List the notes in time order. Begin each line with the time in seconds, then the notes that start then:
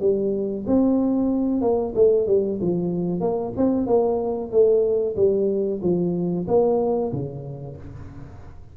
0.00 G3
0.67 C4
1.61 A#3
1.95 A3
2.27 G3
2.61 F3
3.20 A#3
3.57 C4
3.87 A#3
4.51 A3
5.16 G3
5.82 F3
6.48 A#3
7.12 C#3